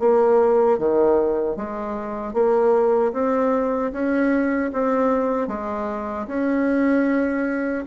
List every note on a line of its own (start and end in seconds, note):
0.00 0.79 A#3
0.79 1.57 D#3
1.57 2.34 G#3
2.34 3.13 A#3
3.13 3.92 C4
3.93 4.72 C#4
4.73 5.48 C4
5.48 6.27 G#3
6.28 7.86 C#4